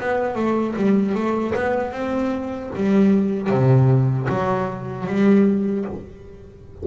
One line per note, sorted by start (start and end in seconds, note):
0.00 0.35 B3
0.35 0.74 A3
0.76 1.15 G3
1.15 1.54 A3
1.55 1.92 B3
1.92 2.70 C4
2.76 3.50 G3
3.50 4.28 C3
4.29 5.06 F#3
5.07 5.85 G3